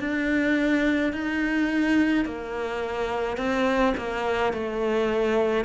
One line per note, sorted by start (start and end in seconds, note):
0.00 1.13 D4
1.13 2.25 D#4
2.25 3.38 A#3
3.38 3.94 C4
3.97 4.53 A#3
4.53 5.65 A3